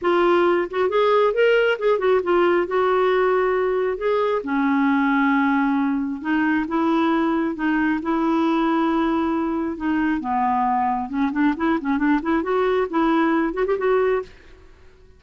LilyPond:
\new Staff \with { instrumentName = "clarinet" } { \time 4/4 \tempo 4 = 135 f'4. fis'8 gis'4 ais'4 | gis'8 fis'8 f'4 fis'2~ | fis'4 gis'4 cis'2~ | cis'2 dis'4 e'4~ |
e'4 dis'4 e'2~ | e'2 dis'4 b4~ | b4 cis'8 d'8 e'8 cis'8 d'8 e'8 | fis'4 e'4. fis'16 g'16 fis'4 | }